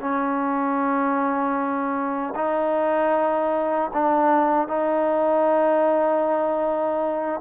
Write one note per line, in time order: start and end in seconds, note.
0.00 2.34 C#4
2.35 3.91 D#4
3.93 4.68 D4
4.68 7.41 D#4